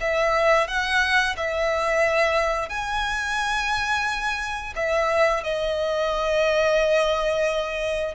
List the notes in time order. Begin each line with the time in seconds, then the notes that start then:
0.00 E5
0.67 F#5
1.37 E5
2.69 G#5
4.75 E5
5.43 D#5